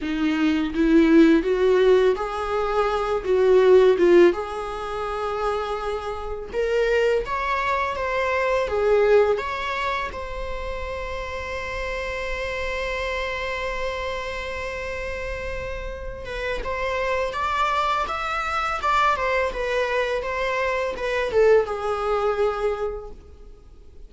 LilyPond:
\new Staff \with { instrumentName = "viola" } { \time 4/4 \tempo 4 = 83 dis'4 e'4 fis'4 gis'4~ | gis'8 fis'4 f'8 gis'2~ | gis'4 ais'4 cis''4 c''4 | gis'4 cis''4 c''2~ |
c''1~ | c''2~ c''8 b'8 c''4 | d''4 e''4 d''8 c''8 b'4 | c''4 b'8 a'8 gis'2 | }